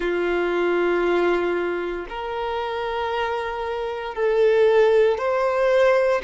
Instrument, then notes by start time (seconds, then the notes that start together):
violin
0.00 F4
2.09 A#4
4.14 A4
5.18 C5